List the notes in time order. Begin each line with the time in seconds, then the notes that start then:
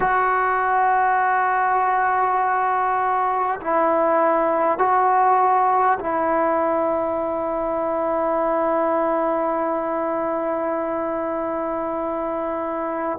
0.00 F#4
3.60 E4
4.78 F#4
5.99 E4